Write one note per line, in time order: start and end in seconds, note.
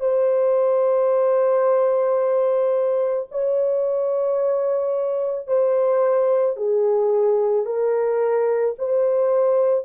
0.00 3.27 C5
3.31 5.47 C#5
5.47 6.57 C5
6.57 7.66 G#4
7.66 8.75 A#4
8.79 9.85 C5